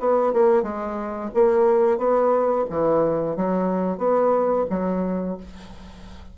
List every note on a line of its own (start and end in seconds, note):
0.00 0.33 B3
0.33 0.63 A#3
0.63 1.31 G#3
1.35 1.98 A#3
1.98 2.66 B3
2.71 3.37 E3
3.37 3.98 F#3
3.98 4.66 B3
4.70 5.38 F#3